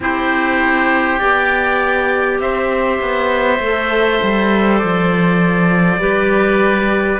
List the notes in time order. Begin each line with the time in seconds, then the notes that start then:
0.00 C4 E4 G4 C5
1.18 B3 G4 D5
2.39 C4 C5 E5
3.00 B3
3.59 A3 A4
4.22 G3
4.79 F3 D5
5.99 G3 G4 B4